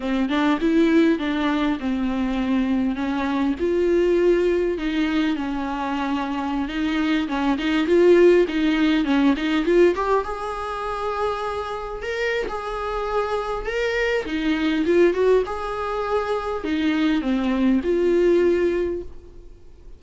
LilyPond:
\new Staff \with { instrumentName = "viola" } { \time 4/4 \tempo 4 = 101 c'8 d'8 e'4 d'4 c'4~ | c'4 cis'4 f'2 | dis'4 cis'2~ cis'16 dis'8.~ | dis'16 cis'8 dis'8 f'4 dis'4 cis'8 dis'16~ |
dis'16 f'8 g'8 gis'2~ gis'8.~ | gis'16 ais'8. gis'2 ais'4 | dis'4 f'8 fis'8 gis'2 | dis'4 c'4 f'2 | }